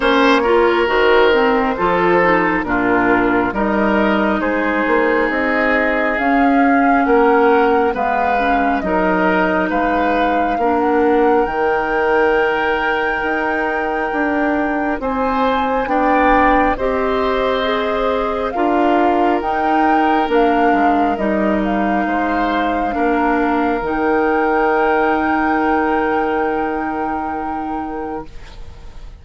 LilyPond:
<<
  \new Staff \with { instrumentName = "flute" } { \time 4/4 \tempo 4 = 68 cis''4 c''2 ais'4 | dis''4 c''4 dis''4 f''4 | fis''4 f''4 dis''4 f''4~ | f''16 fis''8. g''2.~ |
g''4 gis''4 g''4 dis''4~ | dis''4 f''4 g''4 f''4 | dis''8 f''2~ f''8 g''4~ | g''1 | }
  \new Staff \with { instrumentName = "oboe" } { \time 4/4 c''8 ais'4. a'4 f'4 | ais'4 gis'2. | ais'4 b'4 ais'4 b'4 | ais'1~ |
ais'4 c''4 d''4 c''4~ | c''4 ais'2.~ | ais'4 c''4 ais'2~ | ais'1 | }
  \new Staff \with { instrumentName = "clarinet" } { \time 4/4 cis'8 f'8 fis'8 c'8 f'8 dis'8 d'4 | dis'2. cis'4~ | cis'4 b8 cis'8 dis'2 | d'4 dis'2.~ |
dis'2 d'4 g'4 | gis'4 f'4 dis'4 d'4 | dis'2 d'4 dis'4~ | dis'1 | }
  \new Staff \with { instrumentName = "bassoon" } { \time 4/4 ais4 dis4 f4 ais,4 | g4 gis8 ais8 c'4 cis'4 | ais4 gis4 fis4 gis4 | ais4 dis2 dis'4 |
d'4 c'4 b4 c'4~ | c'4 d'4 dis'4 ais8 gis8 | g4 gis4 ais4 dis4~ | dis1 | }
>>